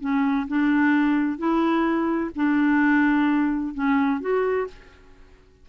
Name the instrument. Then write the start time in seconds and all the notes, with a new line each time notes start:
clarinet
0.00 C#4
0.48 D4
1.38 E4
2.35 D4
3.74 C#4
4.20 F#4